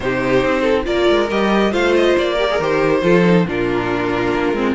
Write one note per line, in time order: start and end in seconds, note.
0.00 0.43 C3
0.00 0.84 D#4
0.00 0.61 G4
0.00 0.84 C5
0.43 0.86 C4
0.61 0.83 A4
0.84 1.08 A#3
0.84 1.27 F4
0.84 1.71 A#4
0.84 1.29 D5
1.09 1.30 G#3
1.30 1.72 G3
1.30 1.71 G4
1.30 1.73 D#5
1.71 2.15 A3
1.71 2.36 F4
1.71 2.33 C5
1.71 1.94 F5
1.95 2.17 D#5
2.17 2.59 A#3
2.17 2.61 D5
2.33 2.49 G4
2.33 2.98 A#4
2.50 2.60 G#4
2.59 3.02 D#3
2.59 3.01 G4
2.59 3.47 C5
3.01 3.45 F3
3.01 3.23 F4
3.01 3.46 A4
3.24 3.45 D#4
3.46 4.34 A#2
3.46 4.55 D4
3.46 4.74 F4
3.46 4.74 A#4
4.34 4.53 A#3
4.53 4.74 G#3
4.53 4.74 C4